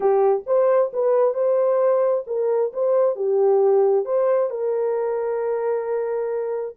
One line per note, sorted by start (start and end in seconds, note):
0.00 0.43 G4
0.46 0.91 C5
0.93 1.33 B4
1.33 2.24 C5
2.27 2.72 A#4
2.73 3.15 C5
3.15 4.05 G4
4.05 4.49 C5
4.49 6.75 A#4